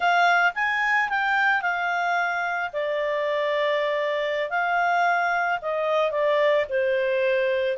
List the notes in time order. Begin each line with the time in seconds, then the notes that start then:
0.00 F5
0.54 G#5
1.09 G5
1.61 F5
2.72 D5
4.50 F5
5.61 D#5
6.11 D5
6.69 C5